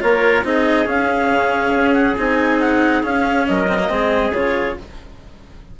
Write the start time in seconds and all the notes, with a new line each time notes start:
0.00 A#3 F4 A#4 C#5
0.43 C4 D#4 G#4 D#5
0.86 C#4 F5
1.30 C#3
1.74 C#4
1.93 F#5
2.17 C4 D#4 G#5
2.60 F#5
3.03 C#4 F5
3.47 F#3 A#4 D#5
3.68 C4
3.78 A#3
3.89 G#3 C4 G#4
4.30 C#3 F4 C#5